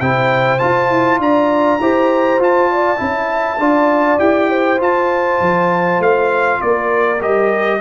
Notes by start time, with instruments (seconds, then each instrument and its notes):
0.00 tuba C3, trombone E4, horn C5, trumpet G5
0.58 trombone F4, tuba F4, trumpet A5
0.89 tuba E4
1.19 tuba D4, horn D5, trumpet A#5
1.80 tuba E4, trombone G4, horn C5
2.38 tuba F4, trombone F4, trumpet A5
2.71 horn D5
2.96 tuba C#4, trombone E4
3.02 horn E5
3.58 tuba D4, trombone F4, horn D5
4.19 tuba E4, trombone G4, trumpet G5
4.50 horn C5
4.77 trombone F4, tuba F4, trumpet A5
5.40 tuba F3
5.99 tuba A3, trumpet F5
6.60 tuba A#3, horn A#4, trumpet D5
7.20 tuba G3, trombone G4, trumpet D#5